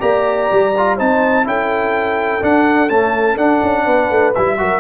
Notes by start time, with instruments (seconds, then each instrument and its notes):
0.00 tuba A#3, trombone G4, horn D5, trumpet A#5
0.52 tuba G3
0.78 trombone F4
0.96 tuba C4, trombone D#4, horn C5, trumpet A5
1.45 tuba C#4, trombone E4, horn A4, trumpet G5
2.41 trombone D4, tuba D4, trumpet F#5
2.89 trombone A3, tuba C#4, trumpet A5
3.37 tuba D4, trombone D4, trumpet F#5
3.62 tuba C#4
3.85 tuba B3, horn B4
4.11 tuba A3
4.35 tuba G3, trombone E4, trumpet E5
4.58 tuba F#3, trombone F#4, horn A#4